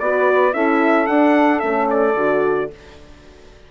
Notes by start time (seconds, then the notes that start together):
0.00 B3 F#4 B4 D5
0.53 C#4 E4 A4 E5
1.07 D4 F#5
1.60 A3 C#4 E5
1.90 D5
2.15 D3 F#4